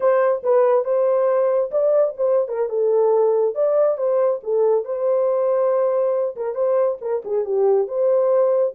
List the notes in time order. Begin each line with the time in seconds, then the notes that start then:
0.00 C5
0.43 B4
0.84 C5
1.71 D5
2.16 C5
2.48 A#4
2.69 A4
3.54 D5
3.97 C5
4.43 A4
4.84 C5
6.36 A#4
6.54 C5
7.01 A#4
7.25 G#4
7.44 G4
7.87 C5